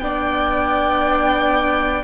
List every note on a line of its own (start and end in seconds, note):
0.00 2.03 B3
0.00 2.04 D4
0.00 2.04 D5
0.00 2.03 G5